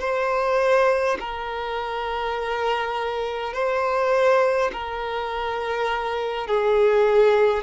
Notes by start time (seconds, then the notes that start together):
0.00 C5
1.19 A#4
3.53 C5
4.72 A#4
6.47 G#4